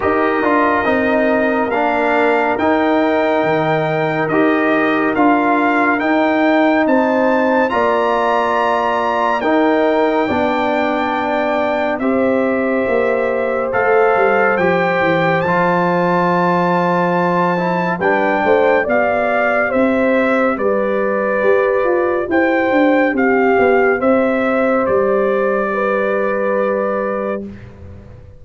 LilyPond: <<
  \new Staff \with { instrumentName = "trumpet" } { \time 4/4 \tempo 4 = 70 dis''2 f''4 g''4~ | g''4 dis''4 f''4 g''4 | a''4 ais''2 g''4~ | g''2 e''2 |
f''4 g''4 a''2~ | a''4 g''4 f''4 e''4 | d''2 g''4 f''4 | e''4 d''2. | }
  \new Staff \with { instrumentName = "horn" } { \time 4/4 ais'1~ | ais'1 | c''4 d''2 ais'4 | d''2 c''2~ |
c''1~ | c''4 b'8 c''8 d''4 c''4 | b'2 c''4 g'4 | c''2 b'2 | }
  \new Staff \with { instrumentName = "trombone" } { \time 4/4 g'8 f'8 dis'4 d'4 dis'4~ | dis'4 g'4 f'4 dis'4~ | dis'4 f'2 dis'4 | d'2 g'2 |
a'4 g'4 f'2~ | f'8 e'8 d'4 g'2~ | g'1~ | g'1 | }
  \new Staff \with { instrumentName = "tuba" } { \time 4/4 dis'8 d'8 c'4 ais4 dis'4 | dis4 dis'4 d'4 dis'4 | c'4 ais2 dis'4 | b2 c'4 ais4 |
a8 g8 f8 e8 f2~ | f4 g8 a8 b4 c'4 | g4 g'8 f'8 e'8 d'8 c'8 b8 | c'4 g2. | }
>>